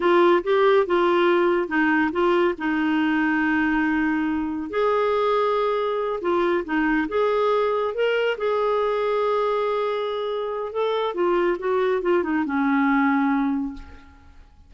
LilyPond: \new Staff \with { instrumentName = "clarinet" } { \time 4/4 \tempo 4 = 140 f'4 g'4 f'2 | dis'4 f'4 dis'2~ | dis'2. gis'4~ | gis'2~ gis'8 f'4 dis'8~ |
dis'8 gis'2 ais'4 gis'8~ | gis'1~ | gis'4 a'4 f'4 fis'4 | f'8 dis'8 cis'2. | }